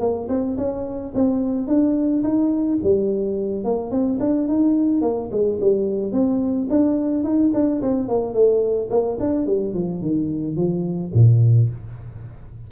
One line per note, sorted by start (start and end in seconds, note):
0.00 0.28 A#3
0.29 0.57 C4
0.57 1.13 C#4
1.15 1.67 C4
1.67 2.23 D4
2.23 2.79 D#4
2.83 3.64 G3
3.64 3.91 A#3
3.91 4.19 C4
4.20 4.48 D4
4.48 5.02 D#4
5.02 5.29 A#3
5.32 5.59 G#3
5.61 6.12 G3
6.12 6.68 C4
6.70 7.24 D4
7.24 7.52 D#4
7.54 7.82 D4
7.82 8.08 C4
8.08 8.34 A#3
8.34 8.89 A3
8.90 9.18 A#3
9.20 9.46 D4
9.46 9.74 G3
9.74 10.01 F3
10.01 10.56 D#3
10.56 11.12 F3
11.14 11.69 A#2